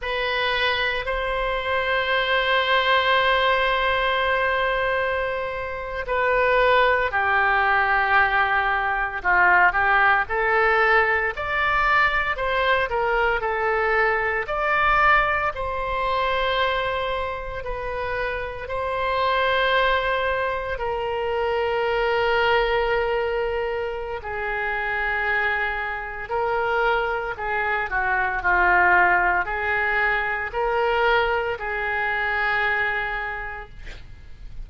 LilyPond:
\new Staff \with { instrumentName = "oboe" } { \time 4/4 \tempo 4 = 57 b'4 c''2.~ | c''4.~ c''16 b'4 g'4~ g'16~ | g'8. f'8 g'8 a'4 d''4 c''16~ | c''16 ais'8 a'4 d''4 c''4~ c''16~ |
c''8. b'4 c''2 ais'16~ | ais'2. gis'4~ | gis'4 ais'4 gis'8 fis'8 f'4 | gis'4 ais'4 gis'2 | }